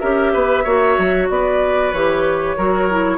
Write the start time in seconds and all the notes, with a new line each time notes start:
0.00 C#4 G4 A#4 E5
0.33 B3 B4
0.64 A#3 F#4 C#5
0.99 F#3
1.30 B3 B4 D5
1.93 E3 G4 C#5
2.57 F#3 F#4 A#4
2.90 E4